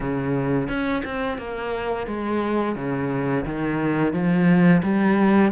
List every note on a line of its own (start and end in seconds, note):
0.00 0.68 C#3
0.68 1.03 C#4
1.05 1.38 C4
1.38 2.06 A#3
2.06 2.75 G#3
2.75 3.44 C#3
3.45 4.13 D#3
4.13 4.82 F3
4.82 5.51 G3